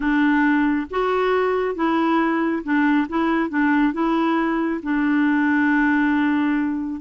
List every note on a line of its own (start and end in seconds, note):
0.00 0.87 D4
0.90 1.75 F#4
1.75 2.62 E4
2.63 3.07 D4
3.09 3.49 E4
3.49 3.93 D4
3.93 4.81 E4
4.83 7.00 D4